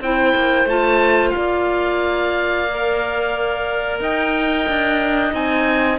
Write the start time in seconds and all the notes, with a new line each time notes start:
0.00 C4 E4 C5 G5
0.35 A#3
0.64 A3 F4 A5
1.30 D5 F5
1.37 A#3
2.70 A#4
4.00 D#4 D#5 G5
4.68 D4
5.30 C4 D#4 G#5